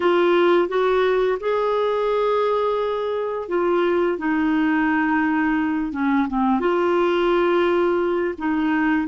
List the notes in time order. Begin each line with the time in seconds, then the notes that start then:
0.00 F4
0.68 F#4
1.40 G#4
3.48 F4
4.18 D#4
5.92 C#4
6.28 C4
6.59 F4
8.38 D#4